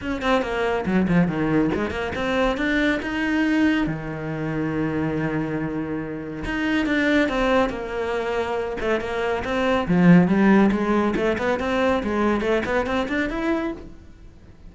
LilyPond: \new Staff \with { instrumentName = "cello" } { \time 4/4 \tempo 4 = 140 cis'8 c'8 ais4 fis8 f8 dis4 | gis8 ais8 c'4 d'4 dis'4~ | dis'4 dis2.~ | dis2. dis'4 |
d'4 c'4 ais2~ | ais8 a8 ais4 c'4 f4 | g4 gis4 a8 b8 c'4 | gis4 a8 b8 c'8 d'8 e'4 | }